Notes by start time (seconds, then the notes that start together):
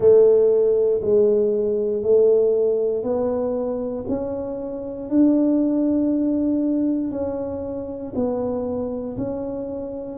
0.00 A3
1.01 G#3
2.02 A3
3.03 B3
4.08 C#4
5.09 D4
7.10 C#4
8.15 B3
9.17 C#4